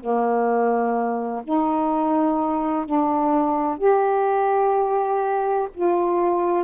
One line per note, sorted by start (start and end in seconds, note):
0.00 1.43 A#3
1.44 2.85 D#4
2.85 3.77 D4
3.77 5.68 G4
5.74 6.64 F4